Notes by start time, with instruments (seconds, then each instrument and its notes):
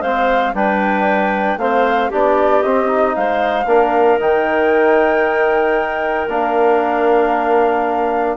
0.00 bassoon G#3, trombone C4, clarinet C5, flute F5
0.54 bassoon G3, trombone D4, clarinet B4, flute G5
1.57 bassoon A3, trombone C4, clarinet C5, flute F5
2.10 bassoon B3, trombone D4, clarinet G4, flute D5
2.63 bassoon C4, trombone C4, flute D#5
2.88 trombone D#4
3.16 bassoon G#3, clarinet C5, flute F5
3.66 bassoon A#3, trombone D4, clarinet A#4
4.20 bassoon D#3, trombone D#4, flute G5
6.29 bassoon A#3, trombone D4, flute F5